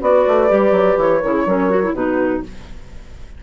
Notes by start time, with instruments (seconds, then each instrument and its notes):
0.00 bassoon B3, clarinet F#4, horn B4, flute D5
0.28 bassoon A3
0.48 bassoon G3, clarinet G4
0.71 bassoon F#3
0.98 bassoon E3, flute C#5
1.22 bassoon C#3, clarinet E4, horn A#4
1.32 horn G#4
1.46 bassoon F#3, clarinet C#4, horn A#4
1.70 clarinet F#4
1.84 clarinet E4
1.94 bassoon B2, clarinet D#4, horn F#4, flute B4